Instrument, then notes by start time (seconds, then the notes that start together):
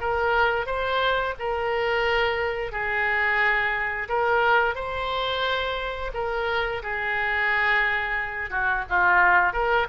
oboe
0.00 A#4
0.66 C5
1.39 A#4
2.72 G#4
4.08 A#4
4.75 C5
6.14 A#4
6.82 G#4
8.50 F#4
8.89 F4
9.53 A#4